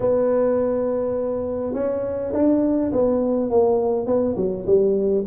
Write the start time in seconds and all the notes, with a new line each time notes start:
0.00 B3
1.73 C#4
2.33 D4
2.92 B3
3.50 A#3
4.06 B3
4.36 F#3
4.66 G3